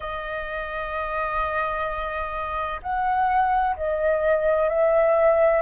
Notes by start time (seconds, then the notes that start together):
0.00 D#5
2.82 F#5
3.76 D#5
4.69 E5